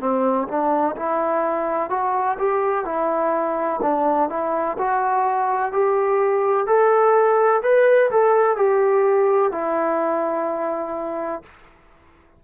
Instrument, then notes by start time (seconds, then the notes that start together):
trombone
0.00 C4
0.48 D4
0.96 E4
1.90 F#4
2.38 G4
2.85 E4
3.82 D4
4.29 E4
4.78 F#4
5.72 G4
6.67 A4
7.62 B4
8.10 A4
8.56 G4
9.52 E4